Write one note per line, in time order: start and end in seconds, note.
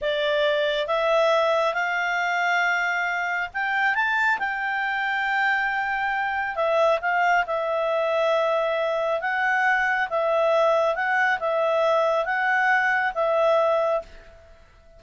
0.01 0.87 D5
0.87 1.74 E5
1.74 3.49 F5
3.53 3.94 G5
3.94 4.38 A5
4.38 6.55 G5
6.55 6.99 E5
7.01 7.45 F5
7.46 9.20 E5
9.20 10.08 F#5
10.09 10.95 E5
10.95 11.39 F#5
11.39 12.25 E5
12.25 13.12 F#5
13.14 14.01 E5